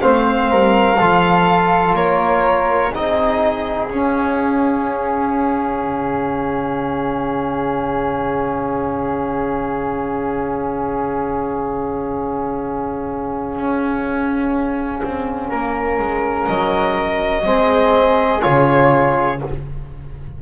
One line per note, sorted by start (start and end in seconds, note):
0.00 0.51 A3
0.00 0.97 C4
0.00 0.51 C5
0.00 1.94 F5
0.51 0.99 G3
0.51 0.99 A#4
0.99 1.94 F3
0.99 2.93 F4
0.99 1.96 A4
1.94 2.90 A#3
1.94 2.93 A#4
1.94 2.93 C#5
2.93 3.90 C4
2.93 3.89 D#4
2.93 15.49 G#4
2.93 3.91 D#5
3.90 5.83 C#4
3.90 17.44 C#4
3.90 16.47 F5
5.83 13.57 C#3
13.57 15.02 C#4
15.04 15.52 C4
15.49 15.99 A#3
15.49 17.43 A#4
15.99 16.47 G#3
16.47 17.46 F#3
16.47 18.41 D#5
17.44 18.43 G#3
17.44 18.41 C4
17.44 19.42 G#4
18.41 19.42 C#3
18.41 19.38 F4
18.41 19.39 C#5